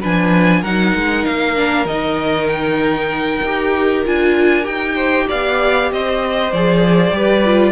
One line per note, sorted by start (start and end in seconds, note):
0.00 0.63 F3
0.00 0.64 D4
0.00 0.61 B4
0.00 0.63 G#5
0.61 0.94 F#3
0.61 1.55 D#4
0.61 4.94 A#4
0.61 1.24 F#5
0.94 1.25 G#3
1.24 1.85 A#3
1.24 1.86 F5
1.55 1.86 D4
1.85 3.39 D#3
1.85 3.44 D#4
1.85 2.47 D#5
2.47 4.01 G5
3.42 4.04 D#4
3.42 4.05 G4
4.05 4.66 D4
4.05 4.62 F4
4.05 4.65 G#5
4.62 5.27 D#4
4.62 6.48 G4
4.62 5.27 G5
4.95 5.26 C5
5.28 5.92 B3
5.28 5.90 D5
5.28 5.91 F5
5.92 6.52 C4
5.92 7.16 C5
5.92 6.52 D#5
6.52 7.10 F3
6.52 7.11 G#4
6.52 7.72 D5
7.10 7.72 G3
7.10 7.42 G4
7.10 7.72 B4
7.45 7.72 F4